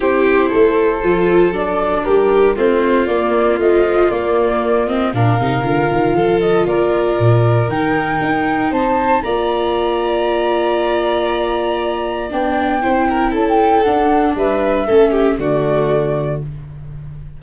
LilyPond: <<
  \new Staff \with { instrumentName = "flute" } { \time 4/4 \tempo 4 = 117 c''2. d''4 | ais'4 c''4 d''4 dis''4 | d''4. dis''8 f''2~ | f''8 dis''8 d''2 g''4~ |
g''4 a''4 ais''2~ | ais''1 | g''2 a''16 g''8. fis''4 | e''2 d''2 | }
  \new Staff \with { instrumentName = "violin" } { \time 4/4 g'4 a'2. | g'4 f'2.~ | f'2 ais'2 | a'4 ais'2.~ |
ais'4 c''4 d''2~ | d''1~ | d''4 c''8 ais'8 a'2 | b'4 a'8 g'8 fis'2 | }
  \new Staff \with { instrumentName = "viola" } { \time 4/4 e'2 f'4 d'4~ | d'4 c'4 ais4 f4 | ais4. c'8 d'8 dis'8 f'4~ | f'2. dis'4~ |
dis'2 f'2~ | f'1 | d'4 e'2 d'4~ | d'4 cis'4 a2 | }
  \new Staff \with { instrumentName = "tuba" } { \time 4/4 c'4 a4 f4 fis4 | g4 a4 ais4 a4 | ais2 ais,8 c8 d8 dis8 | f4 ais4 ais,4 dis4 |
dis'4 c'4 ais2~ | ais1 | b4 c'4 cis'4 d'4 | g4 a4 d2 | }
>>